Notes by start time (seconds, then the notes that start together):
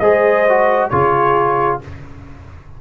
0.00 G#3 G#4 C5 D#5
0.49 F#4
0.90 C#3 F4 G#4 C#5